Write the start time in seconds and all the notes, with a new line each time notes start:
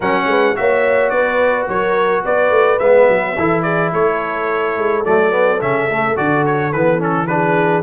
0.00 F#3 C#4 A#4 F#5
0.26 G#3 B4
0.55 A#3 F#4 C#5 E5
1.09 B3 B4 D5
1.68 F#3 A#4 C#5
2.23 B3 B4 D5
2.50 A3
2.79 G#3 B3 E5
3.08 F#3
3.35 E3 E4 A4
3.62 G#4 D5
3.92 A3 A4 C#5
4.76 G#3
5.04 F#3 A3 D5
5.30 B3
5.61 C#3 C#4 E5
5.90 A3
6.16 D3 F#4 D5
6.46 C#5
6.72 E3 B3 B4
6.99 C#4 A4
7.26 D4 G#4 B4